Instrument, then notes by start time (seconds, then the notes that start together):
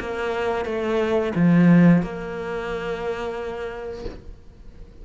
cello
0.00 A#3
0.65 A3
1.35 F3
2.02 A#3